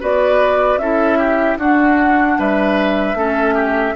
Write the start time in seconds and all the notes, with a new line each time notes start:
0.00 B3 F#4 B4 D5
0.77 C#4 E4 A4 E5
1.18 G4
1.57 D4 F#4 F#5
2.39 G3 B4 E5
3.14 A3 C#4 A4
3.54 G4